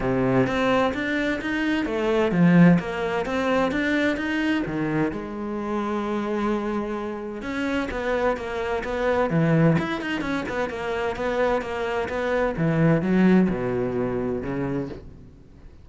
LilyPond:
\new Staff \with { instrumentName = "cello" } { \time 4/4 \tempo 4 = 129 c4 c'4 d'4 dis'4 | a4 f4 ais4 c'4 | d'4 dis'4 dis4 gis4~ | gis1 |
cis'4 b4 ais4 b4 | e4 e'8 dis'8 cis'8 b8 ais4 | b4 ais4 b4 e4 | fis4 b,2 cis4 | }